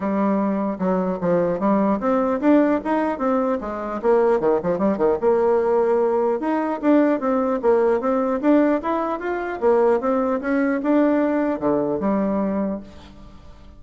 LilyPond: \new Staff \with { instrumentName = "bassoon" } { \time 4/4 \tempo 4 = 150 g2 fis4 f4 | g4 c'4 d'4 dis'4 | c'4 gis4 ais4 dis8 f8 | g8 dis8 ais2. |
dis'4 d'4 c'4 ais4 | c'4 d'4 e'4 f'4 | ais4 c'4 cis'4 d'4~ | d'4 d4 g2 | }